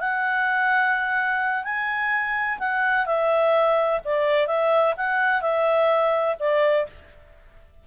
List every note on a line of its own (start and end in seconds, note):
0.00 1.64 F#5
1.64 2.59 G#5
2.59 3.06 F#5
3.06 4.00 E5
4.05 4.47 D5
4.47 4.94 E5
4.97 5.41 F#5
5.41 6.36 E5
6.39 6.87 D5